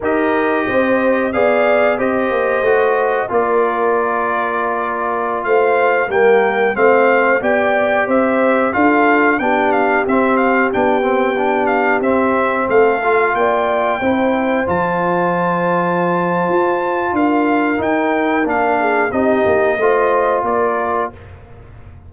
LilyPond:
<<
  \new Staff \with { instrumentName = "trumpet" } { \time 4/4 \tempo 4 = 91 dis''2 f''4 dis''4~ | dis''4 d''2.~ | d''16 f''4 g''4 f''4 g''8.~ | g''16 e''4 f''4 g''8 f''8 e''8 f''16~ |
f''16 g''4. f''8 e''4 f''8.~ | f''16 g''2 a''4.~ a''16~ | a''2 f''4 g''4 | f''4 dis''2 d''4 | }
  \new Staff \with { instrumentName = "horn" } { \time 4/4 ais'4 c''4 d''4 c''4~ | c''4 ais'2.~ | ais'16 c''4 ais'4 c''4 d''8.~ | d''16 c''4 a'4 g'4.~ g'16~ |
g'2.~ g'16 a'8.~ | a'16 d''4 c''2~ c''8.~ | c''2 ais'2~ | ais'8 gis'8 g'4 c''4 ais'4 | }
  \new Staff \with { instrumentName = "trombone" } { \time 4/4 g'2 gis'4 g'4 | fis'4 f'2.~ | f'4~ f'16 ais4 c'4 g'8.~ | g'4~ g'16 f'4 d'4 c'8.~ |
c'16 d'8 c'8 d'4 c'4. f'16~ | f'4~ f'16 e'4 f'4.~ f'16~ | f'2. dis'4 | d'4 dis'4 f'2 | }
  \new Staff \with { instrumentName = "tuba" } { \time 4/4 dis'4 c'4 b4 c'8 ais8 | a4 ais2.~ | ais16 a4 g4 a4 b8.~ | b16 c'4 d'4 b4 c'8.~ |
c'16 b2 c'4 a8.~ | a16 ais4 c'4 f4.~ f16~ | f4 f'4 d'4 dis'4 | ais4 c'8 ais8 a4 ais4 | }
>>